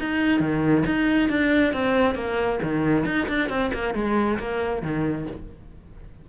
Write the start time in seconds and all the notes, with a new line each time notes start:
0.00 D#4
0.40 D#3
0.86 D#4
1.29 D4
1.73 C4
2.15 A#3
2.63 D#3
3.05 D#4
3.28 D4
3.49 C4
3.74 A#3
3.94 G#3
4.39 A#3
4.83 D#3